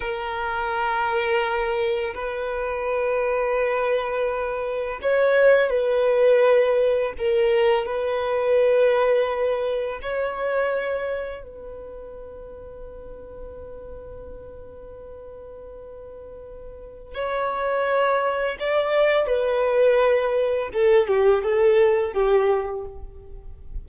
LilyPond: \new Staff \with { instrumentName = "violin" } { \time 4/4 \tempo 4 = 84 ais'2. b'4~ | b'2. cis''4 | b'2 ais'4 b'4~ | b'2 cis''2 |
b'1~ | b'1 | cis''2 d''4 b'4~ | b'4 a'8 g'8 a'4 g'4 | }